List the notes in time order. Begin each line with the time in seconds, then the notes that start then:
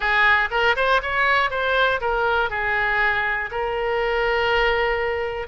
0.00 G#4
0.50 A#4
0.76 C5
1.02 C#5
1.50 C5
2.00 A#4
2.50 G#4
3.51 A#4